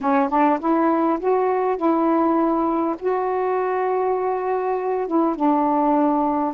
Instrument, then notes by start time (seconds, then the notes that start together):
saxophone
0.01 C#4
0.29 D4
0.59 E4
1.19 F#4
1.77 E4
2.99 F#4
5.07 E4
5.35 D4